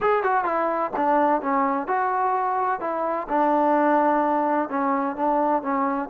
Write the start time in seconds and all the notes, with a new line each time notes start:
0.01 G#4
0.23 F#4
0.44 E4
0.96 D4
1.41 C#4
1.87 F#4
2.80 E4
3.29 D4
4.69 C#4
5.16 D4
5.62 C#4